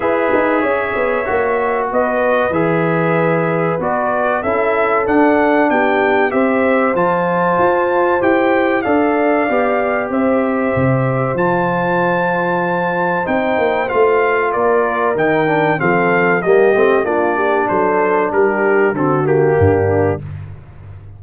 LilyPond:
<<
  \new Staff \with { instrumentName = "trumpet" } { \time 4/4 \tempo 4 = 95 e''2. dis''4 | e''2 d''4 e''4 | fis''4 g''4 e''4 a''4~ | a''4 g''4 f''2 |
e''2 a''2~ | a''4 g''4 f''4 d''4 | g''4 f''4 dis''4 d''4 | c''4 ais'4 a'8 g'4. | }
  \new Staff \with { instrumentName = "horn" } { \time 4/4 b'4 cis''2 b'4~ | b'2. a'4~ | a'4 g'4 c''2~ | c''2 d''2 |
c''1~ | c''2. ais'4~ | ais'4 a'4 g'4 f'8 g'8 | a'4 g'4 fis'4 d'4 | }
  \new Staff \with { instrumentName = "trombone" } { \time 4/4 gis'2 fis'2 | gis'2 fis'4 e'4 | d'2 g'4 f'4~ | f'4 g'4 a'4 g'4~ |
g'2 f'2~ | f'4 dis'4 f'2 | dis'8 d'8 c'4 ais8 c'8 d'4~ | d'2 c'8 ais4. | }
  \new Staff \with { instrumentName = "tuba" } { \time 4/4 e'8 dis'8 cis'8 b8 ais4 b4 | e2 b4 cis'4 | d'4 b4 c'4 f4 | f'4 e'4 d'4 b4 |
c'4 c4 f2~ | f4 c'8 ais8 a4 ais4 | dis4 f4 g8 a8 ais4 | fis4 g4 d4 g,4 | }
>>